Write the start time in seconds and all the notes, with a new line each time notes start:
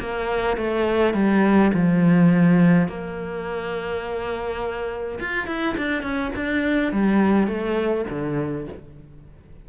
0.00 A#3
0.57 A3
1.14 G3
1.74 F3
2.88 A#3
5.19 F4
5.47 E4
5.77 D4
6.03 C#4
6.36 D4
6.93 G3
7.47 A3
8.10 D3